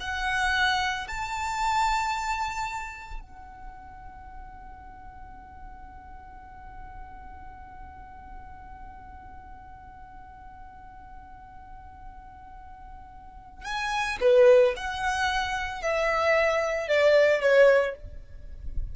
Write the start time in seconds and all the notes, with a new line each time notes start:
0.00 F#5
1.08 A5
3.20 F#5
13.64 G#5
14.21 B4
14.77 F#5
15.82 E5
16.88 D5
17.42 C#5